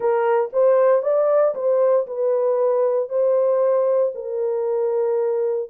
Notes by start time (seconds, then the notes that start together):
0.00 A#4
0.52 C5
1.02 D5
1.54 C5
2.06 B4
3.09 C5
4.14 A#4